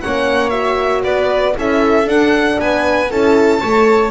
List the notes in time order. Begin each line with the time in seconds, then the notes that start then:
0.00 A#3 C#4 C#5 F#5
0.50 F#4 E5
1.03 B3 B4 D5
1.54 C#4 E4 A4 E5
2.06 D4 F#5
2.59 B3 B4 G#5
3.10 C#4 E4 A4 A5
3.60 A3 A4 C#5